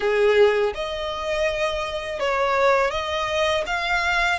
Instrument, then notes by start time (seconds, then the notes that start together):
violin
0.00 G#4
0.74 D#5
2.19 C#5
2.91 D#5
3.66 F5